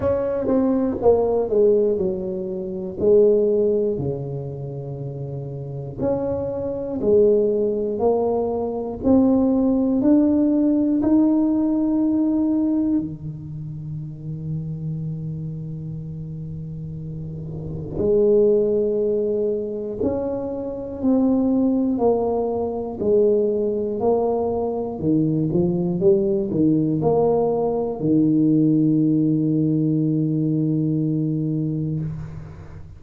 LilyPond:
\new Staff \with { instrumentName = "tuba" } { \time 4/4 \tempo 4 = 60 cis'8 c'8 ais8 gis8 fis4 gis4 | cis2 cis'4 gis4 | ais4 c'4 d'4 dis'4~ | dis'4 dis2.~ |
dis2 gis2 | cis'4 c'4 ais4 gis4 | ais4 dis8 f8 g8 dis8 ais4 | dis1 | }